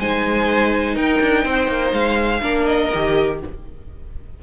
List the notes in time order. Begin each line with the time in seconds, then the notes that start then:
0.00 G#3 D#4 C5 G#5
0.96 D#4 A#4 G5
1.21 D4
1.45 C4 C5
1.68 A#3
1.93 G#3 F5
2.42 A#3 D4 A#4
2.66 D#5
2.95 D#3 G4